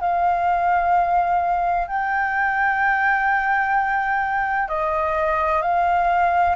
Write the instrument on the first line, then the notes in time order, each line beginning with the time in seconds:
flute
0.00 F5
1.87 G5
4.68 D#5
5.62 F5